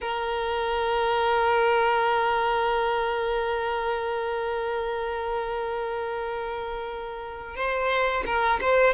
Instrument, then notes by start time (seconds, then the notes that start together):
violin
0.01 A#4
7.56 C5
8.26 A#4
8.60 C5